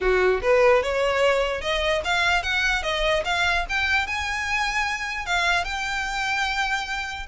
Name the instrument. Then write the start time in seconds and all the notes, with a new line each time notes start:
violin
0.00 F#4
0.42 B4
0.82 C#5
1.61 D#5
2.04 F5
2.42 F#5
2.82 D#5
3.25 F5
3.69 G5
4.07 G#5
5.25 F5
5.64 G5